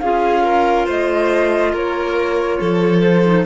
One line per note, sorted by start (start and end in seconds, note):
0.00 0.88 C#4
0.00 3.25 F4
0.00 0.44 G#4
0.00 0.86 F5
0.44 0.86 A#4
0.86 1.74 A3
0.86 1.72 C5
0.86 1.75 D#5
1.73 2.59 A#3
1.73 2.58 A#4
1.73 3.02 C#5
2.60 3.46 F3
2.60 3.46 A4
3.02 3.45 C5
3.25 3.46 D#4